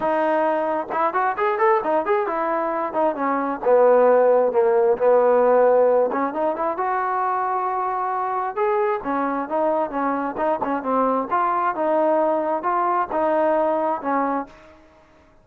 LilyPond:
\new Staff \with { instrumentName = "trombone" } { \time 4/4 \tempo 4 = 133 dis'2 e'8 fis'8 gis'8 a'8 | dis'8 gis'8 e'4. dis'8 cis'4 | b2 ais4 b4~ | b4. cis'8 dis'8 e'8 fis'4~ |
fis'2. gis'4 | cis'4 dis'4 cis'4 dis'8 cis'8 | c'4 f'4 dis'2 | f'4 dis'2 cis'4 | }